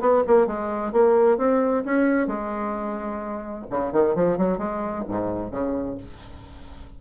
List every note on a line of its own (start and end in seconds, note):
0.00 0.23 B3
0.27 0.47 A#3
0.47 0.92 G#3
0.92 1.37 A#3
1.37 1.83 C4
1.85 2.27 C#4
2.27 3.65 G#3
3.70 3.92 C#3
3.92 4.15 D#3
4.15 4.37 F3
4.37 4.58 F#3
4.58 5.04 G#3
5.08 5.51 G#2
5.51 5.97 C#3